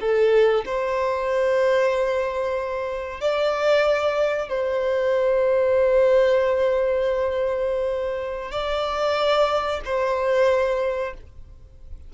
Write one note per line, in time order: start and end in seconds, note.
0.00 0.65 A4
0.65 3.20 C5
3.20 4.49 D5
4.49 8.51 C5
8.51 9.80 D5
9.85 11.14 C5